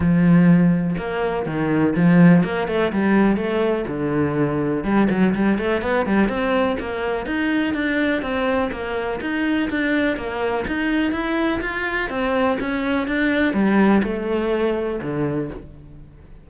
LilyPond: \new Staff \with { instrumentName = "cello" } { \time 4/4 \tempo 4 = 124 f2 ais4 dis4 | f4 ais8 a8 g4 a4 | d2 g8 fis8 g8 a8 | b8 g8 c'4 ais4 dis'4 |
d'4 c'4 ais4 dis'4 | d'4 ais4 dis'4 e'4 | f'4 c'4 cis'4 d'4 | g4 a2 d4 | }